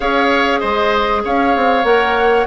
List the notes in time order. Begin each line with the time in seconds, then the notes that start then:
0.00 C#4 G#4 C#5 F5
0.59 G#3 C5 D#5
1.24 C#4 C#5 F5
1.56 C4
1.84 A#3 A#4 F#5